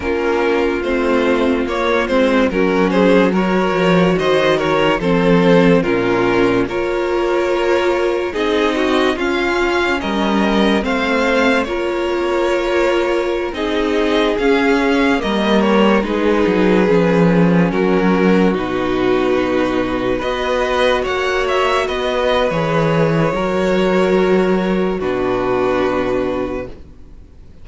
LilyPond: <<
  \new Staff \with { instrumentName = "violin" } { \time 4/4 \tempo 4 = 72 ais'4 c''4 cis''8 c''8 ais'8 c''8 | cis''4 dis''8 cis''8 c''4 ais'4 | cis''2 dis''4 f''4 | dis''4 f''4 cis''2~ |
cis''16 dis''4 f''4 dis''8 cis''8 b'8.~ | b'4~ b'16 ais'4 b'4.~ b'16~ | b'16 dis''4 fis''8 e''8 dis''8. cis''4~ | cis''2 b'2 | }
  \new Staff \with { instrumentName = "violin" } { \time 4/4 f'2. fis'8 gis'8 | ais'4 c''8 ais'8 a'4 f'4 | ais'2 gis'8 fis'8 f'4 | ais'4 c''4 ais'2~ |
ais'16 gis'2 ais'4 gis'8.~ | gis'4~ gis'16 fis'2~ fis'8.~ | fis'16 b'4 cis''4 b'4.~ b'16 | ais'2 fis'2 | }
  \new Staff \with { instrumentName = "viola" } { \time 4/4 cis'4 c'4 ais8 c'8 cis'4 | fis'2 c'4 cis'4 | f'2 dis'4 cis'4~ | cis'4 c'4 f'2~ |
f'16 dis'4 cis'4 ais4 dis'8.~ | dis'16 cis'2 dis'4.~ dis'16~ | dis'16 fis'2~ fis'8. gis'4 | fis'2 d'2 | }
  \new Staff \with { instrumentName = "cello" } { \time 4/4 ais4 a4 ais8 gis8 fis4~ | fis8 f8 dis4 f4 ais,4 | ais2 c'4 cis'4 | g4 a4 ais2~ |
ais16 c'4 cis'4 g4 gis8 fis16~ | fis16 f4 fis4 b,4.~ b,16~ | b,16 b4 ais4 b8. e4 | fis2 b,2 | }
>>